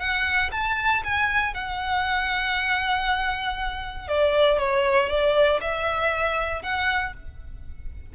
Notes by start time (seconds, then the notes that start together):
0.00 F#5
0.52 A5
1.04 G#5
1.54 F#5
4.08 D5
4.59 C#5
5.09 D5
5.61 E5
6.63 F#5